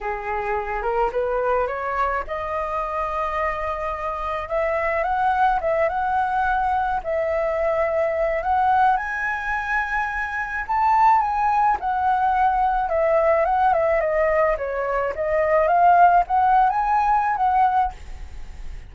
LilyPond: \new Staff \with { instrumentName = "flute" } { \time 4/4 \tempo 4 = 107 gis'4. ais'8 b'4 cis''4 | dis''1 | e''4 fis''4 e''8 fis''4.~ | fis''8 e''2~ e''8 fis''4 |
gis''2. a''4 | gis''4 fis''2 e''4 | fis''8 e''8 dis''4 cis''4 dis''4 | f''4 fis''8. gis''4~ gis''16 fis''4 | }